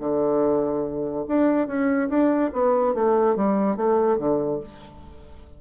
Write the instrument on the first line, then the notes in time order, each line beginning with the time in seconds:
bassoon
0.00 D3
1.28 D4
1.68 C#4
2.09 D4
2.53 B3
2.95 A3
3.37 G3
3.77 A3
4.18 D3